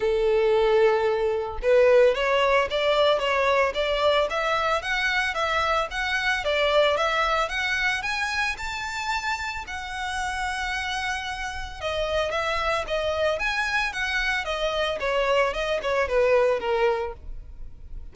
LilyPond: \new Staff \with { instrumentName = "violin" } { \time 4/4 \tempo 4 = 112 a'2. b'4 | cis''4 d''4 cis''4 d''4 | e''4 fis''4 e''4 fis''4 | d''4 e''4 fis''4 gis''4 |
a''2 fis''2~ | fis''2 dis''4 e''4 | dis''4 gis''4 fis''4 dis''4 | cis''4 dis''8 cis''8 b'4 ais'4 | }